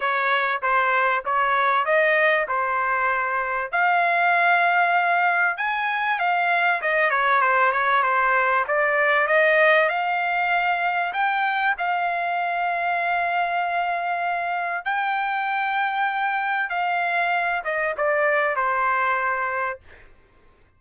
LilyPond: \new Staff \with { instrumentName = "trumpet" } { \time 4/4 \tempo 4 = 97 cis''4 c''4 cis''4 dis''4 | c''2 f''2~ | f''4 gis''4 f''4 dis''8 cis''8 | c''8 cis''8 c''4 d''4 dis''4 |
f''2 g''4 f''4~ | f''1 | g''2. f''4~ | f''8 dis''8 d''4 c''2 | }